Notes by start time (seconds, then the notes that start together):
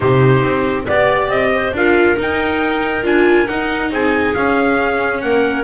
0.00 C3 D#4 G4 C5
0.42 C4
0.86 B3 G4 D5
1.28 C4 D#5
1.55 C5
1.72 D4 F4 A#4 F5
2.16 D#4 G5
3.02 D4 F4 G#5
3.47 D#4 F#5
3.90 C4 G#4 G#5
4.34 C#4 F5
5.20 A#3 A#4 F#5